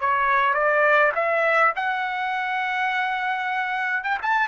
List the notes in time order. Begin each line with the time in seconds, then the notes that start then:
0.00 C#5
0.54 D5
1.15 E5
1.76 F#5
4.04 G5
4.22 A5